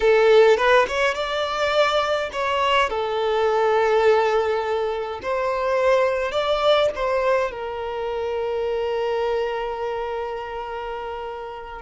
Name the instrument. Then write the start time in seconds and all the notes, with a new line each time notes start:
violin
0.00 A4
0.57 B4
0.88 C#5
1.14 D5
2.32 C#5
2.89 A4
5.22 C5
6.31 D5
6.95 C5
7.51 A#4